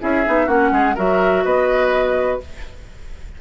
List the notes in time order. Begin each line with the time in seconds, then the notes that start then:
0.00 C#4 E4 G#4 E5
0.25 B3 D#4
0.46 A#3 C#4 F#4 F#5
0.71 G#3 G#4
0.95 F#3 F#4 A#4 E5
1.44 B3 B4 D#5